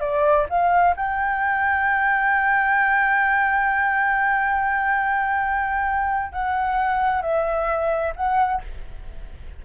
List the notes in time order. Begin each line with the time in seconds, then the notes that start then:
0.00 D5
0.49 F5
0.96 G5
6.32 F#5
7.22 E5
8.15 F#5